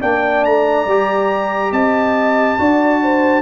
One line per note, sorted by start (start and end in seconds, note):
0.00 0.45 A#3
0.00 0.87 D4
0.00 1.71 D5
0.00 0.44 G5
0.44 0.86 A3
0.44 1.72 A#5
0.86 1.71 G3
0.86 2.58 G4
1.71 2.57 C4
1.71 2.58 D#5
1.71 3.42 A5
2.58 3.42 D4
2.58 3.42 F#4
2.58 3.01 D5
3.02 3.42 C5